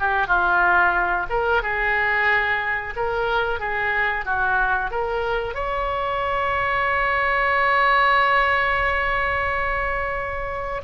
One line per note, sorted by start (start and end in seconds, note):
0.00 0.28 G4
0.28 1.27 F4
1.30 1.63 A#4
1.63 2.95 G#4
2.96 3.60 A#4
3.60 4.26 G#4
4.26 4.92 F#4
4.92 5.55 A#4
5.55 10.82 C#5